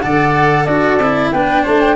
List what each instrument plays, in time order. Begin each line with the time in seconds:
0.00 tuba D3, cello A4, oboe D5, flute F#5
0.65 tuba D4, cello F#4, oboe A4, flute D5
0.99 tuba C4, cello E4
1.32 tuba B3, cello D4, oboe B4, flute G5
1.63 tuba A3, oboe C5, flute A5
1.81 flute G5